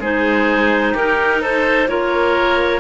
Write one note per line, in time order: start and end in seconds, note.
0.00 0.94 G#3
0.00 1.88 D#4
0.00 0.94 G#4
0.00 0.96 C5
0.94 1.88 D#4
0.94 1.40 G4
0.94 1.42 A#4
1.42 1.89 A4
1.42 1.88 C5
1.88 2.80 A#3
1.88 2.80 F4
1.88 2.80 A#4
1.88 2.80 C#5